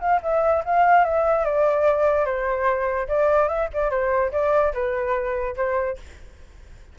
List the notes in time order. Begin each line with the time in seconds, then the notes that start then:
0.00 F5
0.22 E5
0.65 F5
1.04 E5
1.45 D5
2.25 C5
3.08 D5
3.48 E5
3.73 D5
3.90 C5
4.32 D5
4.73 B4
5.56 C5